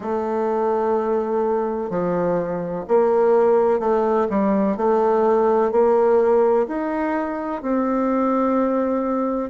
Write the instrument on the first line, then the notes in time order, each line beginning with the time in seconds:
bassoon
0.00 A3
1.90 F3
2.88 A#3
3.79 A3
4.29 G3
4.76 A3
5.71 A#3
6.67 D#4
7.61 C4